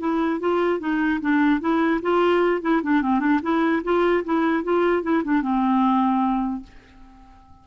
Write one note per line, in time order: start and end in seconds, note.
0.00 0.40 E4
0.40 0.80 F4
0.80 1.20 D#4
1.21 1.61 D4
1.61 2.01 E4
2.02 2.62 F4
2.62 2.82 E4
2.83 3.02 D4
3.02 3.20 C4
3.20 3.40 D4
3.43 3.83 E4
3.84 4.24 F4
4.25 4.64 E4
4.64 5.03 F4
5.03 5.23 E4
5.24 5.42 D4
5.42 6.63 C4